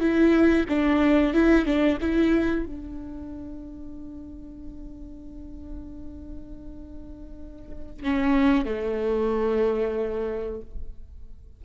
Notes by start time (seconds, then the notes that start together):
0.00 E4
0.69 D4
1.34 E4
1.65 D4
2.01 E4
2.66 D4
8.03 C#4
8.65 A3